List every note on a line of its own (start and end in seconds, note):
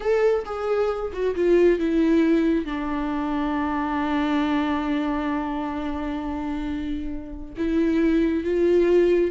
0.00 0.44 A4
0.45 1.12 G#4
1.12 1.35 F#4
1.35 1.79 F4
1.79 2.65 E4
2.65 7.54 D4
7.57 8.43 E4
8.43 9.31 F4